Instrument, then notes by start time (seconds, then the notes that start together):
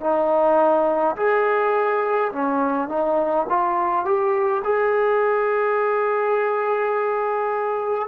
trombone
0.00 D#4
1.16 G#4
2.32 C#4
2.88 D#4
3.49 F4
4.05 G4
4.64 G#4